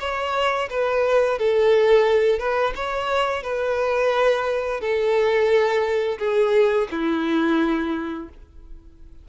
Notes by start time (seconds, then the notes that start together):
0.00 C#5
0.70 B4
1.39 A4
2.39 B4
2.75 C#5
3.43 B4
4.81 A4
6.19 G#4
6.91 E4